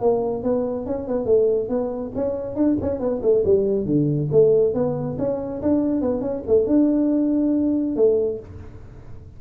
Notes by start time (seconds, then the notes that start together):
0.00 A#3
0.43 B3
0.86 C#4
1.07 B3
1.26 A3
1.69 B3
2.15 C#4
2.56 D4
2.81 C#4
3.00 B3
3.22 A3
3.45 G3
3.86 D3
4.31 A3
4.74 B3
5.18 C#4
5.62 D4
6.01 B3
6.21 C#4
6.47 A3
6.66 D4
7.96 A3